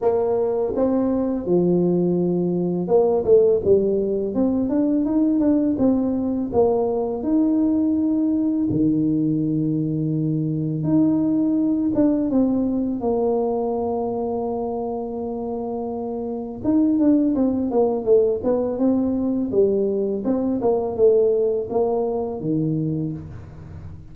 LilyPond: \new Staff \with { instrumentName = "tuba" } { \time 4/4 \tempo 4 = 83 ais4 c'4 f2 | ais8 a8 g4 c'8 d'8 dis'8 d'8 | c'4 ais4 dis'2 | dis2. dis'4~ |
dis'8 d'8 c'4 ais2~ | ais2. dis'8 d'8 | c'8 ais8 a8 b8 c'4 g4 | c'8 ais8 a4 ais4 dis4 | }